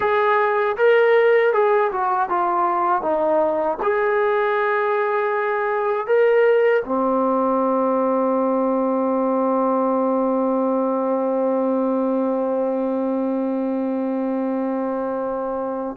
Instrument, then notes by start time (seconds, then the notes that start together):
trombone
0.00 G#4
0.77 A#4
1.53 G#4
1.92 F#4
2.29 F4
3.01 D#4
3.82 G#4
6.06 A#4
6.85 C4